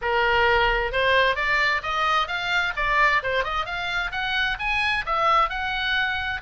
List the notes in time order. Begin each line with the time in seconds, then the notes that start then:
0.01 A#4
0.92 C5
1.35 D5
1.83 D#5
2.27 F5
2.76 D5
3.22 C5
3.44 D#5
3.65 F5
4.11 F#5
4.59 G#5
5.06 E5
5.49 F#5